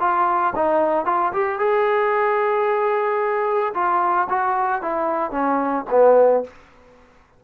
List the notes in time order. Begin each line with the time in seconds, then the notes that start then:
0.00 F4
0.56 D#4
1.05 F4
1.33 G4
1.59 G#4
3.74 F4
4.30 F#4
4.82 E4
5.31 C#4
5.91 B3